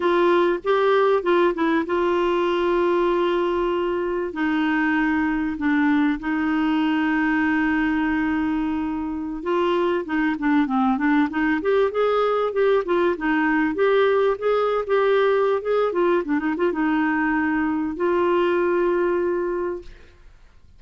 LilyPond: \new Staff \with { instrumentName = "clarinet" } { \time 4/4 \tempo 4 = 97 f'4 g'4 f'8 e'8 f'4~ | f'2. dis'4~ | dis'4 d'4 dis'2~ | dis'2.~ dis'16 f'8.~ |
f'16 dis'8 d'8 c'8 d'8 dis'8 g'8 gis'8.~ | gis'16 g'8 f'8 dis'4 g'4 gis'8. | g'4~ g'16 gis'8 f'8 d'16 dis'16 f'16 dis'4~ | dis'4 f'2. | }